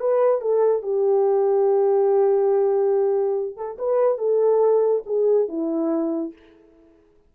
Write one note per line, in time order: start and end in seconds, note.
0.00 0.41 B4
0.41 0.83 A4
0.83 3.57 G4
3.57 3.78 A4
3.79 4.18 B4
4.18 5.03 A4
5.06 5.49 G#4
5.49 6.33 E4